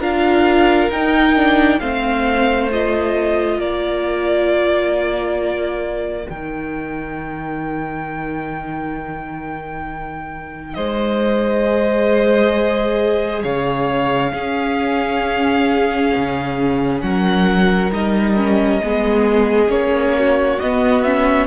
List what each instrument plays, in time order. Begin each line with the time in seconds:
0.00 cello D4, viola F4, violin A#4 F5
0.90 cello D#4, viola D#4, violin G5
1.36 viola D4
1.80 cello A3, viola C4, violin C5 F5
2.71 viola F4, violin D#5
3.57 cello A#3, violin A#4 D5
6.26 cello D#3, viola D#4, violin G5
10.74 cello G#3, violin C5 D#5
11.66 viola G#4
13.43 cello C#3, violin C#5 F5
14.32 viola C#4, cello C#4, violin G#4
16.15 cello C#3
17.01 cello F#3, violin A#4 F#5
17.91 cello G3, viola D#4, violin D#5
18.37 viola C#4
18.84 cello G#3, viola B3, violin G#4
19.68 cello A#3, viola C#4, violin C#5
20.18 violin F#4
20.60 cello B3, viola B3, violin D#5
21.03 viola C#4, violin E5